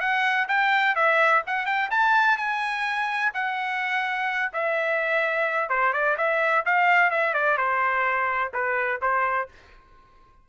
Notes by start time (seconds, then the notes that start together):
0.00 F#5
0.48 G5
0.95 E5
1.46 F#5
1.66 G5
1.90 A5
2.37 G#5
3.34 F#5
4.53 E5
5.69 C5
5.93 D5
6.17 E5
6.65 F5
7.11 E5
7.34 D5
7.57 C5
8.53 B4
9.01 C5